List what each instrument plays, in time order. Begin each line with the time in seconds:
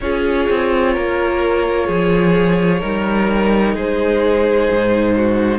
0.00 cello C#4, viola F4, violin G#4 C#5
0.49 cello C4
0.93 cello A#3, violin A#4
1.86 cello F3, violin G#4
2.80 cello G3, viola D#4, violin A#4
3.74 cello G#3, violin G#4 C5
4.70 cello G#2
5.16 violin F#4